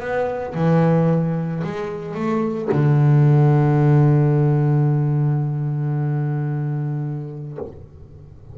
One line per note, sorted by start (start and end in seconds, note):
0.00 0.54 B3
0.55 1.63 E3
1.64 2.15 G#3
2.15 2.69 A3
2.72 7.58 D3